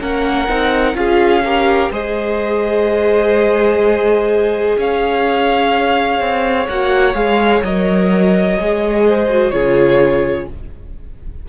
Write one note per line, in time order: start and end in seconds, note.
0.00 0.48 A#3
0.00 0.48 C#4
0.00 0.96 A#4
0.00 0.96 F#5
0.48 0.94 C4
0.48 0.94 D#4
0.94 1.89 C#4
0.94 1.42 F4
0.94 1.45 G#4
0.94 1.91 F5
1.44 1.92 G4
1.44 1.91 A#4
1.90 4.76 G#3
1.90 6.68 G#4
1.90 4.77 C5
1.90 4.78 D#5
4.77 6.20 C#4
4.77 9.06 C#5
4.77 6.67 F5
6.20 6.68 C4
6.67 7.14 A#3
6.67 7.14 F#4
6.67 7.14 F#5
7.14 7.62 G#3
7.14 7.62 G#4
7.14 7.62 F5
7.62 8.57 F#3
7.62 8.59 A#4
7.62 9.50 D#5
8.59 9.51 G#3
8.59 9.29 G#4
9.07 9.53 C5
9.29 9.52 F#4
9.50 10.47 C#3
9.50 10.47 F4
9.50 10.48 G#4
9.50 10.46 C#5